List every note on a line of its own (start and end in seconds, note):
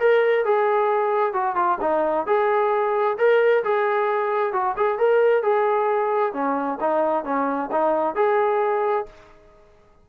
0.00 0.45 A#4
0.45 1.33 G#4
1.33 1.56 F#4
1.56 1.79 F4
1.81 2.27 D#4
2.27 3.18 G#4
3.18 3.64 A#4
3.64 4.53 G#4
4.53 4.76 F#4
4.77 4.99 G#4
4.99 5.43 A#4
5.43 6.34 G#4
6.34 6.79 C#4
6.81 7.25 D#4
7.25 7.70 C#4
7.72 8.15 D#4
8.15 9.06 G#4